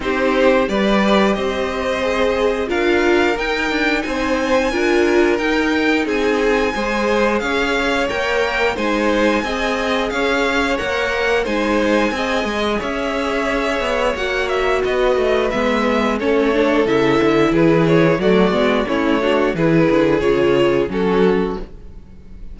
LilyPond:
<<
  \new Staff \with { instrumentName = "violin" } { \time 4/4 \tempo 4 = 89 c''4 d''4 dis''2 | f''4 g''4 gis''2 | g''4 gis''2 f''4 | g''4 gis''2 f''4 |
fis''4 gis''2 e''4~ | e''4 fis''8 e''8 dis''4 e''4 | cis''4 e''4 b'8 cis''8 d''4 | cis''4 b'4 cis''4 a'4 | }
  \new Staff \with { instrumentName = "violin" } { \time 4/4 g'4 b'4 c''2 | ais'2 c''4 ais'4~ | ais'4 gis'4 c''4 cis''4~ | cis''4 c''4 dis''4 cis''4~ |
cis''4 c''4 dis''4 cis''4~ | cis''2 b'2 | a'2 gis'4 fis'4 | e'8 fis'8 gis'2 fis'4 | }
  \new Staff \with { instrumentName = "viola" } { \time 4/4 dis'4 g'2 gis'4 | f'4 dis'2 f'4 | dis'2 gis'2 | ais'4 dis'4 gis'2 |
ais'4 dis'4 gis'2~ | gis'4 fis'2 b4 | cis'8 d'8 e'2 a8 b8 | cis'8 d'8 e'4 f'4 cis'4 | }
  \new Staff \with { instrumentName = "cello" } { \time 4/4 c'4 g4 c'2 | d'4 dis'8 d'8 c'4 d'4 | dis'4 c'4 gis4 cis'4 | ais4 gis4 c'4 cis'4 |
ais4 gis4 c'8 gis8 cis'4~ | cis'8 b8 ais4 b8 a8 gis4 | a4 cis8 d8 e4 fis8 gis8 | a4 e8 d8 cis4 fis4 | }
>>